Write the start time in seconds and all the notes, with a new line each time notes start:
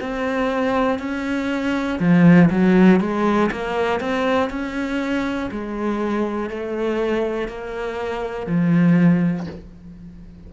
0.00 C4
0.99 C#4
1.99 F3
2.50 F#3
3.00 G#3
3.51 A#3
4.00 C4
4.49 C#4
5.50 G#3
6.50 A3
7.48 A#3
8.46 F3